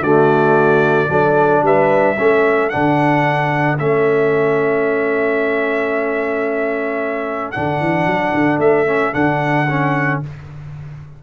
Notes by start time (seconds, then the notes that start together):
0.00 D3 A3 F#4 D5
1.08 F#3 D4 A4
1.62 G3 B4 E5
2.18 A3 C#4 A4
2.69 D3 D4 F#5
3.78 A3 C#4 E5
7.51 D3 D4 F#5
7.80 E3
8.06 F#3
8.33 D3
8.58 A3 E5
8.86 C#4
9.12 D3 D4 F#5
9.69 C#4